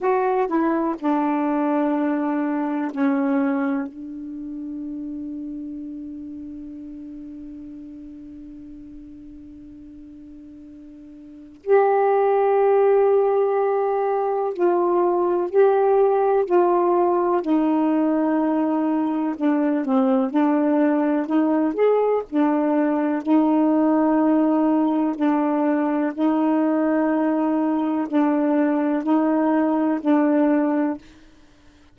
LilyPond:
\new Staff \with { instrumentName = "saxophone" } { \time 4/4 \tempo 4 = 62 fis'8 e'8 d'2 cis'4 | d'1~ | d'1 | g'2. f'4 |
g'4 f'4 dis'2 | d'8 c'8 d'4 dis'8 gis'8 d'4 | dis'2 d'4 dis'4~ | dis'4 d'4 dis'4 d'4 | }